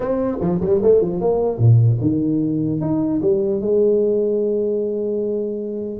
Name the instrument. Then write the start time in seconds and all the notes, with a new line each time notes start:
tuba
0.00 C4
0.40 F3
0.60 G3
0.82 A3
1.01 F3
1.21 A#3
1.58 A#2
2.00 D#3
2.81 D#4
3.21 G3
3.61 G#3